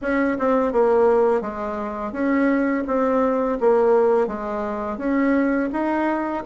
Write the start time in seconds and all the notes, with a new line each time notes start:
0.01 C#4
0.39 C4
0.72 A#3
1.41 G#3
2.12 C#4
2.87 C4
3.60 A#3
4.27 G#3
4.97 C#4
5.72 D#4